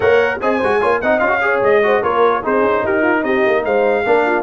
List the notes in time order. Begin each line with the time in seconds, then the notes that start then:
0.00 A#3 A#4 C#5 F#5
0.41 C4 G#4 D#5 G#5
0.57 G#3 F#4 C5
0.81 A#3 F4 C#5
1.01 C4 D#4 D#5 F#5
1.18 C#4 F4 F5
1.27 F#4
1.41 G#4 C#5
1.61 G#3 D#5
1.82 F#4 C5
2.02 A#3 F4 A#4 C#5
2.42 C4 D#4 G#4 C5
2.61 C#4
2.83 D#4 G4 A#4
3.01 F4
3.23 C4 G4 D#5
3.46 A#3
3.64 G#3 C5 F5
4.05 A#3 D4 A#4
4.26 F4